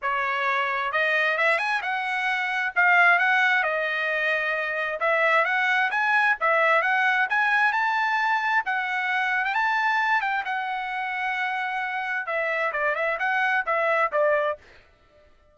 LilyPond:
\new Staff \with { instrumentName = "trumpet" } { \time 4/4 \tempo 4 = 132 cis''2 dis''4 e''8 gis''8 | fis''2 f''4 fis''4 | dis''2. e''4 | fis''4 gis''4 e''4 fis''4 |
gis''4 a''2 fis''4~ | fis''8. g''16 a''4. g''8 fis''4~ | fis''2. e''4 | d''8 e''8 fis''4 e''4 d''4 | }